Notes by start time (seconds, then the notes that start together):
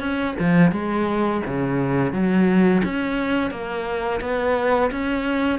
0.00 C#4
0.39 F3
0.72 G#3
1.47 C#3
2.12 F#3
2.85 C#4
3.51 A#3
4.21 B3
4.92 C#4